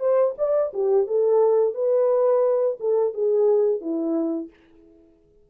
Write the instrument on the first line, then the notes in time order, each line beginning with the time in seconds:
horn
0.00 C5
0.38 D5
0.73 G4
1.07 A4
1.74 B4
2.80 A4
3.14 G#4
3.81 E4